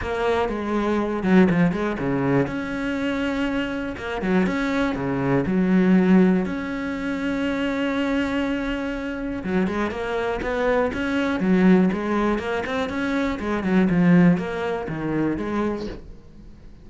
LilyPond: \new Staff \with { instrumentName = "cello" } { \time 4/4 \tempo 4 = 121 ais4 gis4. fis8 f8 gis8 | cis4 cis'2. | ais8 fis8 cis'4 cis4 fis4~ | fis4 cis'2.~ |
cis'2. fis8 gis8 | ais4 b4 cis'4 fis4 | gis4 ais8 c'8 cis'4 gis8 fis8 | f4 ais4 dis4 gis4 | }